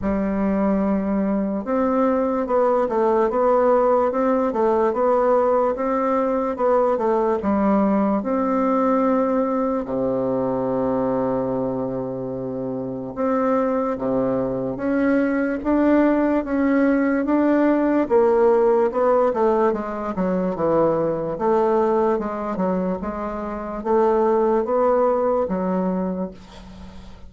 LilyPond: \new Staff \with { instrumentName = "bassoon" } { \time 4/4 \tempo 4 = 73 g2 c'4 b8 a8 | b4 c'8 a8 b4 c'4 | b8 a8 g4 c'2 | c1 |
c'4 c4 cis'4 d'4 | cis'4 d'4 ais4 b8 a8 | gis8 fis8 e4 a4 gis8 fis8 | gis4 a4 b4 fis4 | }